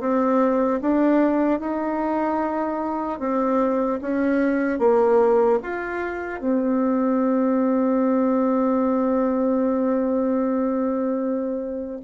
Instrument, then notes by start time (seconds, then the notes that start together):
bassoon
0.00 C4
0.81 D4
1.59 D#4
3.19 C4
4.01 C#4
4.79 A#3
5.62 F4
6.40 C4